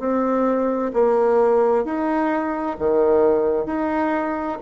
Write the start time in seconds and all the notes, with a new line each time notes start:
0.00 C4
0.94 A#3
1.85 D#4
2.79 D#3
3.66 D#4